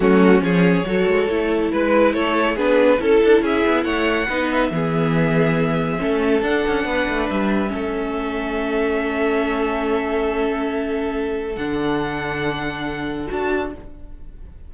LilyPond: <<
  \new Staff \with { instrumentName = "violin" } { \time 4/4 \tempo 4 = 140 fis'4 cis''2. | b'4 cis''4 b'4 a'4 | e''4 fis''4. e''4.~ | e''2. fis''4~ |
fis''4 e''2.~ | e''1~ | e''2. fis''4~ | fis''2. a''4 | }
  \new Staff \with { instrumentName = "violin" } { \time 4/4 cis'4 gis'4 a'2 | b'4 a'4 gis'4 a'4 | gis'4 cis''4 b'4 gis'4~ | gis'2 a'2 |
b'2 a'2~ | a'1~ | a'1~ | a'1 | }
  \new Staff \with { instrumentName = "viola" } { \time 4/4 a4 cis'4 fis'4 e'4~ | e'2 d'4 e'4~ | e'2 dis'4 b4~ | b2 cis'4 d'4~ |
d'2 cis'2~ | cis'1~ | cis'2. d'4~ | d'2. fis'4 | }
  \new Staff \with { instrumentName = "cello" } { \time 4/4 fis4 f4 fis8 gis8 a4 | gis4 a4 b4 cis'8 d'8 | cis'8 b8 a4 b4 e4~ | e2 a4 d'8 cis'8 |
b8 a8 g4 a2~ | a1~ | a2. d4~ | d2. d'4 | }
>>